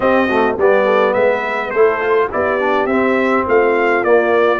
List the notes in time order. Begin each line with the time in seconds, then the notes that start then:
0.00 C4 G4 D#5
0.27 A3 F#4
0.57 G3 B3 G4 D5
0.85 A4
1.13 G#3 B4 E5
1.70 A3 E4 A4 C5
2.00 F4
2.31 B3 E4 G4 D5
2.59 D4
2.86 C4 E5
3.47 A3 F4 F5
4.03 A#3 D5